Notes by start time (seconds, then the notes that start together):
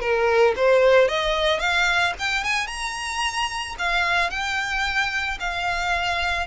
0.00 A#4
0.56 C5
1.08 D#5
1.59 F5
2.19 G5
2.44 G#5
2.67 A#5
3.78 F5
4.30 G5
5.39 F5